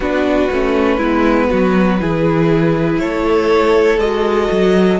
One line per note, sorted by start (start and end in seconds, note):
0.00 0.48 B3
0.00 0.51 D4
0.00 0.96 F#4
0.00 2.99 B4
0.51 0.98 A3
0.51 1.01 C#4
0.97 1.48 G#3
0.97 2.00 B3
0.97 1.47 E4
1.50 2.01 F#3
1.50 2.00 F#4
2.00 3.00 E3
2.00 4.00 E4
2.00 3.00 G#4
2.99 3.98 A3
2.99 5.00 A4
2.99 3.99 C#5
3.98 4.48 G#3
3.98 5.00 F#4
3.98 5.00 D#5
4.51 5.00 F#3